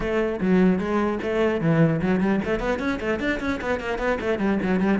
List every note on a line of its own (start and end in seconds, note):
0.00 0.39 A3
0.41 0.79 F#3
0.79 1.19 G#3
1.22 1.60 A3
1.60 2.00 E3
2.01 2.20 F#3
2.20 2.40 G3
2.44 2.59 A3
2.59 2.79 B3
2.79 2.99 C#4
3.00 3.19 A3
3.19 3.39 D4
3.40 3.60 C#4
3.61 3.80 B3
3.80 3.98 A#3
3.98 4.18 B3
4.20 4.38 A3
4.38 4.58 G3
4.62 4.79 F#3
4.79 4.99 G3